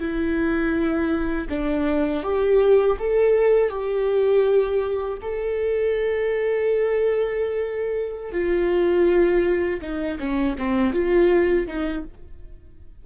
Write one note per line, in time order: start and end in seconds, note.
0.00 1.48 E4
1.49 2.24 D4
2.24 2.98 G4
2.99 3.70 A4
3.70 5.18 G4
5.22 8.32 A4
8.32 9.80 F4
9.82 10.19 D#4
10.20 10.57 C#4
10.58 10.94 C4
10.94 11.67 F4
11.67 12.04 D#4